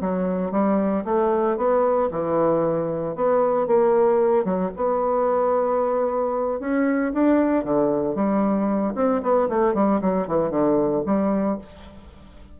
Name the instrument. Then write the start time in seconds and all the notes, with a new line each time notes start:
bassoon
0.00 F#3
0.51 G3
1.04 A3
1.56 B3
2.11 E3
3.15 B3
3.66 A#3
4.44 F#3
4.76 B3
6.60 C#4
7.13 D4
7.64 D3
8.14 G3
8.95 C4
9.22 B3
9.49 A3
9.74 G3
10.01 F#3
10.27 E3
10.50 D3
11.05 G3